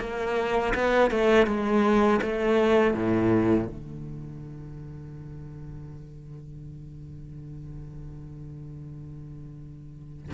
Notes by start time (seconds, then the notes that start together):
0.00 A#3
0.75 B3
1.11 A3
1.47 G#3
2.22 A3
2.94 A2
3.67 D3